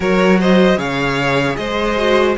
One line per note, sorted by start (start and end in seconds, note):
0.00 0.76 F#3
0.00 0.76 F#4
0.00 0.38 A#4
0.00 0.40 C#5
0.39 0.78 C5
0.39 0.79 D#5
0.76 1.56 C#3
0.76 1.95 G#4
0.76 1.57 C#5
0.76 1.55 F5
1.55 2.37 G#3
1.55 2.37 C5
1.55 2.34 D#5
1.96 2.36 F#4